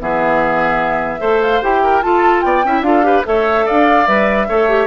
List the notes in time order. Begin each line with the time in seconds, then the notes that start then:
0.00 E3 B3 G#4 E5
1.20 A3 A4 C5
1.42 F5
1.62 E4 G4 G5
1.84 A#4
2.02 F4 A4 A5
2.42 B3 D5 G5
2.65 C#4 E4 E5
2.81 D4 F4 F5
2.88 A4
3.03 G4 B4
3.25 A3 A4 C#5 E5
3.66 D4 D5 F5
4.07 G3 B4 E5
4.49 A3 A4 C#5
4.69 G4